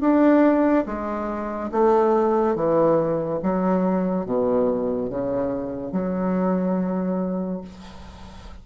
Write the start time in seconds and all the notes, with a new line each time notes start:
0.00 D4
0.86 G#3
1.72 A3
2.55 E3
3.43 F#3
4.26 B2
5.09 C#3
5.92 F#3